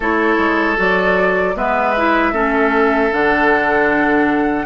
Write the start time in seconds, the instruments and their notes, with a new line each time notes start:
0.00 bassoon A3, clarinet E4, oboe A4, flute C#5
0.37 bassoon G#3
0.76 bassoon F#3, clarinet F#4, flute D5
1.55 bassoon G#3, clarinet B3, oboe B4, flute E5
1.96 clarinet E4
2.32 bassoon A3, clarinet C#4, oboe A4
3.11 bassoon D3, clarinet D4, flute F#5